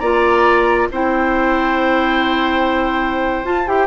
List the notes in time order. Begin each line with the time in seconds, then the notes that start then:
0.00 A#3 F4 D5 A#5
0.92 C4 E4 C5 G5
3.45 F4 A5
3.67 E4 G4 G5